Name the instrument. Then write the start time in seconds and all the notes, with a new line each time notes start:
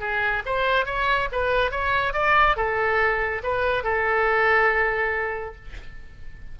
oboe
0.00 G#4
0.46 C5
0.86 C#5
1.32 B4
1.71 C#5
2.14 D5
2.56 A4
3.43 B4
3.84 A4